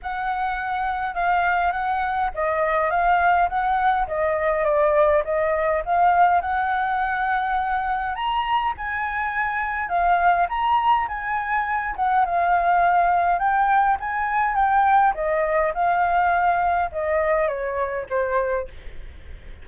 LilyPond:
\new Staff \with { instrumentName = "flute" } { \time 4/4 \tempo 4 = 103 fis''2 f''4 fis''4 | dis''4 f''4 fis''4 dis''4 | d''4 dis''4 f''4 fis''4~ | fis''2 ais''4 gis''4~ |
gis''4 f''4 ais''4 gis''4~ | gis''8 fis''8 f''2 g''4 | gis''4 g''4 dis''4 f''4~ | f''4 dis''4 cis''4 c''4 | }